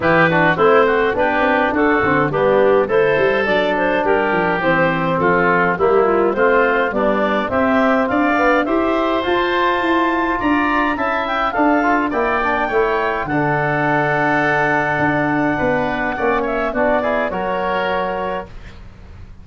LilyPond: <<
  \new Staff \with { instrumentName = "clarinet" } { \time 4/4 \tempo 4 = 104 b'4 c''4 b'4 a'4 | g'4 c''4 d''8 c''8 ais'4 | c''4 a'4 g'8 f'8 c''4 | d''4 e''4 f''4 e''4 |
a''2 ais''4 a''8 g''8 | f''4 g''2 fis''4~ | fis''1~ | fis''8 e''8 d''4 cis''2 | }
  \new Staff \with { instrumentName = "oboe" } { \time 4/4 g'8 fis'8 e'8 fis'8 g'4 fis'4 | d'4 a'2 g'4~ | g'4 f'4 e'4 f'4 | d'4 g'4 d''4 c''4~ |
c''2 d''4 e''4 | a'4 d''4 cis''4 a'4~ | a'2. b'4 | d''8 cis''8 fis'8 gis'8 ais'2 | }
  \new Staff \with { instrumentName = "trombone" } { \time 4/4 e'8 d'8 c'4 d'4. c'8 | b4 e'4 d'2 | c'2 ais4 c'4 | g4 c'4. b8 g'4 |
f'2. e'4 | d'8 f'8 e'8 d'8 e'4 d'4~ | d'1 | cis'4 d'8 e'8 fis'2 | }
  \new Staff \with { instrumentName = "tuba" } { \time 4/4 e4 a4 b8 c'8 d'8 d8 | g4 a8 g8 fis4 g8 f8 | e4 f4 g4 a4 | b4 c'4 d'4 e'4 |
f'4 e'4 d'4 cis'4 | d'4 ais4 a4 d4~ | d2 d'4 b4 | ais4 b4 fis2 | }
>>